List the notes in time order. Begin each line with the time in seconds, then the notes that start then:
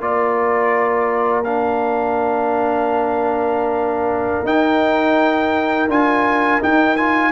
0.00 A#3 F4 A#4 D5
1.44 D4 F5
4.45 D#4 G5
5.89 D4 F4 G#5
6.61 D#4 G5
6.97 F4 G#5